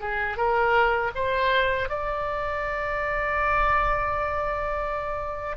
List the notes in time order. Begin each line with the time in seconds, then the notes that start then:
0.00 G#4
0.36 A#4
1.14 C5
1.89 D5